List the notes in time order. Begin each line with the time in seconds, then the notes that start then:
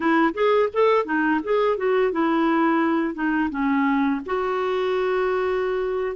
0.00 E4
0.34 G#4
0.73 A4
1.05 D#4
1.43 G#4
1.77 F#4
2.11 E4
3.14 D#4
3.50 C#4
4.25 F#4